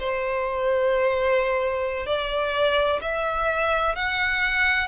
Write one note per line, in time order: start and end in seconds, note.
0.00 2.07 C5
2.07 3.00 D5
3.02 3.96 E5
3.96 4.88 F#5